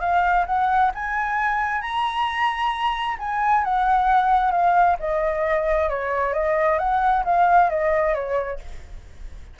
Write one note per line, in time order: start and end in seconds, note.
0.00 0.45 F5
0.46 0.91 F#5
0.94 1.81 G#5
1.81 3.16 A#5
3.18 3.64 G#5
3.64 4.51 F#5
4.51 4.96 F5
4.99 5.89 D#5
5.89 6.33 C#5
6.33 6.78 D#5
6.78 7.23 F#5
7.24 7.69 F5
7.69 8.14 D#5
8.14 8.59 C#5